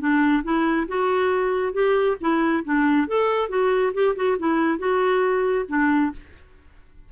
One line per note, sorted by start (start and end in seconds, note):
0.00 0.43 D4
0.44 0.87 E4
0.88 1.74 F#4
1.74 2.17 G4
2.21 2.64 E4
2.64 3.08 D4
3.08 3.49 A4
3.49 3.93 F#4
3.94 4.16 G4
4.16 4.38 F#4
4.39 4.79 E4
4.79 5.66 F#4
5.69 6.12 D4